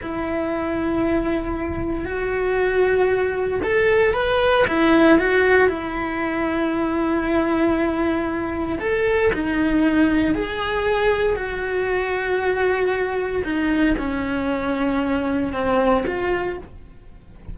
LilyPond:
\new Staff \with { instrumentName = "cello" } { \time 4/4 \tempo 4 = 116 e'1 | fis'2. a'4 | b'4 e'4 fis'4 e'4~ | e'1~ |
e'4 a'4 dis'2 | gis'2 fis'2~ | fis'2 dis'4 cis'4~ | cis'2 c'4 f'4 | }